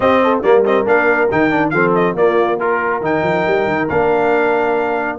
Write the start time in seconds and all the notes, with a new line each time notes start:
0.00 C4 G4 D#5
0.23 A4
0.42 G3 A#3 A#4 D5
0.65 C4 D#5
0.85 A#3 D4 F5
1.31 D#3 D#4 G5
1.50 D4
1.70 F3 C4 A4 F5
1.94 D#5
2.14 A#3 F4 D5
2.59 F4 A#4
3.01 D#3 D#4 G5
3.23 F3
3.47 G3
3.67 D#3
3.88 A#3 D4 F5